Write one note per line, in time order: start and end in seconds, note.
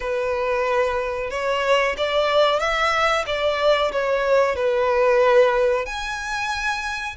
0.00 1.30 B4
1.30 1.95 C#5
1.97 2.59 D5
2.59 3.24 E5
3.26 3.91 D5
3.92 4.55 C#5
4.55 5.85 B4
5.85 7.16 G#5